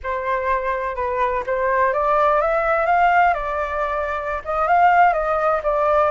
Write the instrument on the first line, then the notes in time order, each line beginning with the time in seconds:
flute
0.03 C5
0.95 B4
1.46 C5
1.93 D5
2.41 E5
2.86 F5
3.34 D5
4.44 D#5
4.67 F5
5.13 D#5
5.63 D5